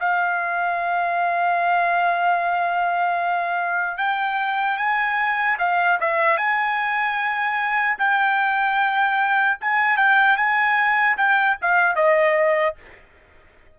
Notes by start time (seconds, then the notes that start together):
0.00 F5
3.97 G5
4.77 G#5
5.59 F5
6.00 E5
6.37 G#5
7.98 G5
9.61 G#5
9.97 G5
10.37 G#5
11.17 G5
11.61 F5
11.96 D#5